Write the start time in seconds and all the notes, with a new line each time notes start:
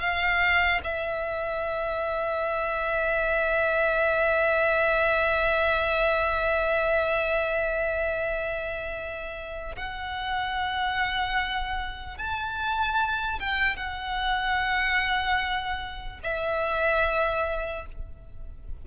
0.00 F5
0.84 E5
9.76 F#5
12.18 A5
13.40 G5
13.77 F#5
16.23 E5